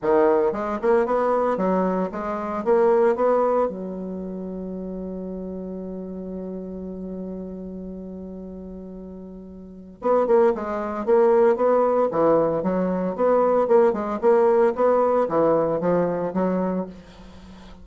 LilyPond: \new Staff \with { instrumentName = "bassoon" } { \time 4/4 \tempo 4 = 114 dis4 gis8 ais8 b4 fis4 | gis4 ais4 b4 fis4~ | fis1~ | fis1~ |
fis2. b8 ais8 | gis4 ais4 b4 e4 | fis4 b4 ais8 gis8 ais4 | b4 e4 f4 fis4 | }